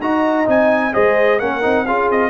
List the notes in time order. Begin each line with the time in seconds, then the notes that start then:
0.00 D#4 F#4 D#5 A#5
0.46 C4 D#4 G#5
0.93 G#3 G#4 C5 D#5
1.39 A#3 C#4 A#4 F#5
1.62 C4 D#4
1.86 C#4 F4 G#4 F5
2.10 C4 D#5